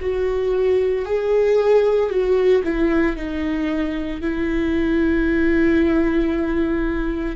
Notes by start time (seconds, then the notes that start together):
0.00 F#4
1.05 G#4
2.10 F#4
2.64 E4
3.16 D#4
4.21 E4